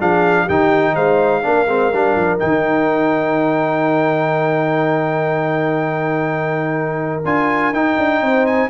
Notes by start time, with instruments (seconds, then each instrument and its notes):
0.00 tuba F3, trombone D4, horn G#4, trumpet F5
0.44 tuba D#3, trombone D#4, horn G4, trumpet G5
0.95 tuba G#3, horn C5, trumpet F5
1.43 tuba A#3, trombone D4, horn A#4
1.68 tuba G#3, trombone C4
1.93 tuba G3, trombone D4
2.16 tuba F3
2.39 tuba D#3, trombone D#4, trumpet G5
7.25 tuba D4, trombone F4, trumpet G#5
7.73 tuba D#4, trombone D#4, trumpet G5
7.98 tuba D4
8.21 tuba C4, horn C5
8.46 trumpet G#5